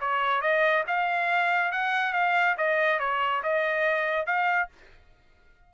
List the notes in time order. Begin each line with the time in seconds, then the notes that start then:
0.00 C#5
0.41 D#5
0.87 F5
1.72 F#5
2.13 F5
2.57 D#5
2.99 C#5
3.43 D#5
4.26 F5